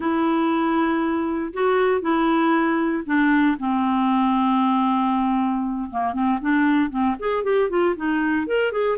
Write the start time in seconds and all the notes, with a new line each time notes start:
0.00 E4
1.53 F#4
2.01 E4
3.05 D4
3.59 C4
5.90 A#3
6.13 C4
6.41 D4
6.90 C4
7.19 G#4
7.43 G4
7.69 F4
7.95 D#4
8.46 A#4
8.72 G#4